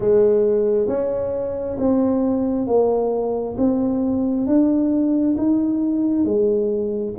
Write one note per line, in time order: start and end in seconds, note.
0.00 0.87 G#3
0.87 1.77 C#4
1.78 2.66 C4
2.66 3.56 A#3
3.57 4.46 C4
4.46 5.36 D4
5.37 6.24 D#4
6.24 7.14 G#3